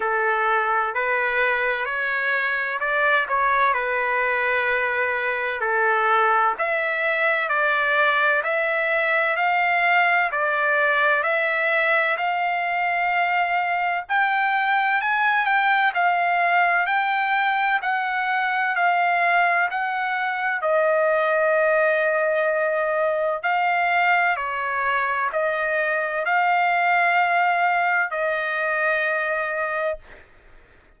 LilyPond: \new Staff \with { instrumentName = "trumpet" } { \time 4/4 \tempo 4 = 64 a'4 b'4 cis''4 d''8 cis''8 | b'2 a'4 e''4 | d''4 e''4 f''4 d''4 | e''4 f''2 g''4 |
gis''8 g''8 f''4 g''4 fis''4 | f''4 fis''4 dis''2~ | dis''4 f''4 cis''4 dis''4 | f''2 dis''2 | }